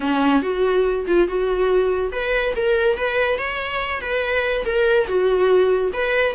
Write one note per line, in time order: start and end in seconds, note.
0.00 0.42 C#4
0.42 1.06 F#4
1.07 1.28 F4
1.28 2.12 F#4
2.12 2.54 B4
2.55 2.97 A#4
2.97 3.38 B4
3.38 4.01 C#5
4.01 4.64 B4
4.65 5.07 A#4
5.07 5.91 F#4
5.93 6.35 B4